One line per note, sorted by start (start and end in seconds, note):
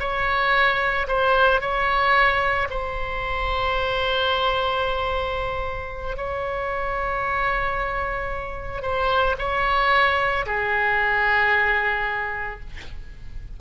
0.00 1.07 C#5
1.08 1.61 C5
1.61 2.68 C#5
2.70 6.17 C5
6.17 8.82 C#5
8.82 9.36 C5
9.39 10.46 C#5
10.46 12.60 G#4